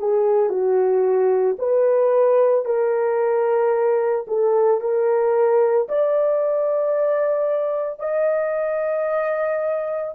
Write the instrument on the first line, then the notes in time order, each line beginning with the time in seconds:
horn
0.00 G#4
0.50 F#4
1.59 B4
2.65 A#4
4.28 A4
4.81 A#4
5.89 D5
8.00 D#5